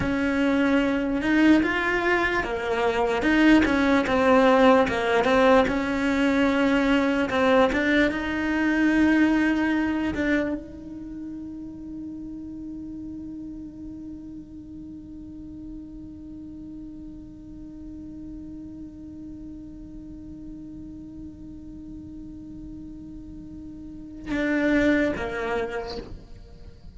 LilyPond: \new Staff \with { instrumentName = "cello" } { \time 4/4 \tempo 4 = 74 cis'4. dis'8 f'4 ais4 | dis'8 cis'8 c'4 ais8 c'8 cis'4~ | cis'4 c'8 d'8 dis'2~ | dis'8 d'8 dis'2.~ |
dis'1~ | dis'1~ | dis'1~ | dis'2 d'4 ais4 | }